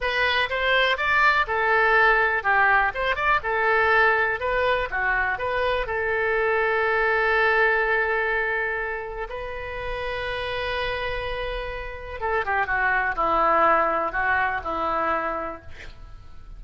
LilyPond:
\new Staff \with { instrumentName = "oboe" } { \time 4/4 \tempo 4 = 123 b'4 c''4 d''4 a'4~ | a'4 g'4 c''8 d''8 a'4~ | a'4 b'4 fis'4 b'4 | a'1~ |
a'2. b'4~ | b'1~ | b'4 a'8 g'8 fis'4 e'4~ | e'4 fis'4 e'2 | }